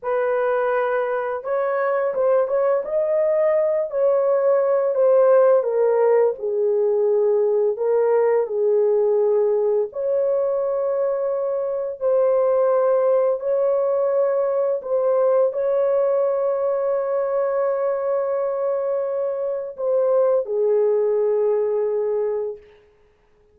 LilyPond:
\new Staff \with { instrumentName = "horn" } { \time 4/4 \tempo 4 = 85 b'2 cis''4 c''8 cis''8 | dis''4. cis''4. c''4 | ais'4 gis'2 ais'4 | gis'2 cis''2~ |
cis''4 c''2 cis''4~ | cis''4 c''4 cis''2~ | cis''1 | c''4 gis'2. | }